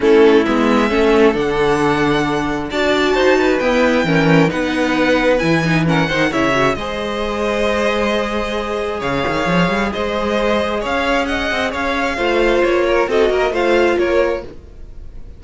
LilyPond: <<
  \new Staff \with { instrumentName = "violin" } { \time 4/4 \tempo 4 = 133 a'4 e''2 fis''4~ | fis''2 a''2 | g''2 fis''2 | gis''4 fis''4 e''4 dis''4~ |
dis''1 | f''2 dis''2 | f''4 fis''4 f''2 | cis''4 dis''4 f''4 cis''4 | }
  \new Staff \with { instrumentName = "violin" } { \time 4/4 e'2 a'2~ | a'2 d''4 c''8 b'8~ | b'4 ais'4 b'2~ | b'4 ais'8 c''8 cis''4 c''4~ |
c''1 | cis''2 c''2 | cis''4 dis''4 cis''4 c''4~ | c''8 ais'8 a'8 ais'8 c''4 ais'4 | }
  \new Staff \with { instrumentName = "viola" } { \time 4/4 cis'4 b4 cis'4 d'4~ | d'2 fis'2 | b4 cis'4 dis'2 | e'8 dis'8 cis'8 dis'8 e'8 fis'8 gis'4~ |
gis'1~ | gis'1~ | gis'2. f'4~ | f'4 fis'4 f'2 | }
  \new Staff \with { instrumentName = "cello" } { \time 4/4 a4 gis4 a4 d4~ | d2 d'4 dis'4 | e'4 e4 b2 | e4. dis8 cis4 gis4~ |
gis1 | cis8 dis8 f8 g8 gis2 | cis'4. c'8 cis'4 a4 | ais4 c'8 ais8 a4 ais4 | }
>>